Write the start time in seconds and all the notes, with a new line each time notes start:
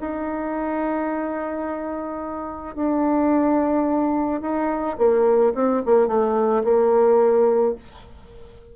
0.00 D#4
2.75 D4
4.41 D#4
4.97 A#3
5.54 C4
5.85 A#3
6.07 A3
6.64 A#3